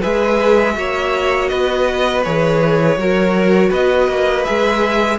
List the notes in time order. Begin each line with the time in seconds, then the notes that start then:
0.00 G#3 G#4 B4 E5
0.74 A#3 F#4 C#5
1.48 B3 B4 D#5
2.23 E3 G#4 C#5
2.97 F#3 F#4 A#4
3.69 B3 B4 D#5
4.08 A#3
4.44 G#3 G#4 E5